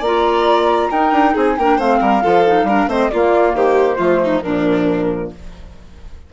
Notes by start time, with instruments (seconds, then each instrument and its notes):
0.00 bassoon A#3, clarinet F4, violin D5, flute A#5
0.91 bassoon D#4, clarinet D#4, violin A#4, flute G5
1.12 bassoon D4
1.34 bassoon C4, violin G#4, flute G#5
1.58 bassoon A#3, clarinet D4, violin A#4, flute G5
1.77 bassoon A3, clarinet C4, violin C5, flute F5
2.01 bassoon G3, violin A#4
2.22 bassoon F3, clarinet F4, violin A4
2.47 clarinet D#4
2.64 bassoon G3, clarinet D4, violin A#4
2.88 bassoon A3, clarinet C4, violin C5, flute D#5
3.11 clarinet A#3, bassoon A#3, violin F4, flute D5
3.54 bassoon D#3, violin G4, flute C5
3.97 bassoon F3, clarinet A3, violin F4
4.24 violin D#4
4.42 bassoon A#2, clarinet F3, violin D4, flute A#4